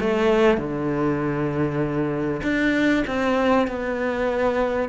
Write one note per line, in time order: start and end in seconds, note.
0.00 0.57 A3
0.57 2.41 D3
2.43 3.04 D4
3.07 3.67 C4
3.67 4.89 B3